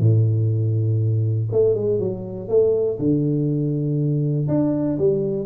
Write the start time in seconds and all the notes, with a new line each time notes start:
0.00 A2
1.52 A3
1.75 G#3
2.00 F#3
2.49 A3
2.99 D3
4.48 D4
4.99 G3